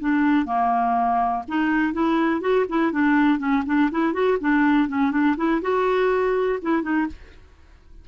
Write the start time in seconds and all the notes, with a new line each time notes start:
0.00 D4
0.46 A#3
1.48 D#4
1.93 E4
2.41 F#4
2.69 E4
2.92 D4
3.39 C#4
3.66 D4
3.91 E4
4.13 F#4
4.40 D4
4.88 C#4
5.11 D4
5.37 E4
5.62 F#4
6.62 E4
6.82 D#4